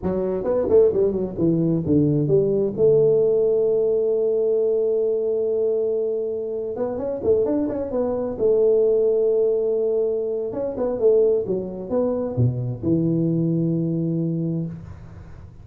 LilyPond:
\new Staff \with { instrumentName = "tuba" } { \time 4/4 \tempo 4 = 131 fis4 b8 a8 g8 fis8 e4 | d4 g4 a2~ | a1~ | a2~ a8. b8 cis'8 a16~ |
a16 d'8 cis'8 b4 a4.~ a16~ | a2. cis'8 b8 | a4 fis4 b4 b,4 | e1 | }